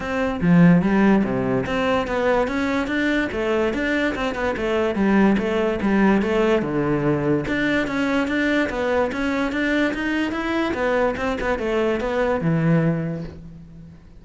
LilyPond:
\new Staff \with { instrumentName = "cello" } { \time 4/4 \tempo 4 = 145 c'4 f4 g4 c4 | c'4 b4 cis'4 d'4 | a4 d'4 c'8 b8 a4 | g4 a4 g4 a4 |
d2 d'4 cis'4 | d'4 b4 cis'4 d'4 | dis'4 e'4 b4 c'8 b8 | a4 b4 e2 | }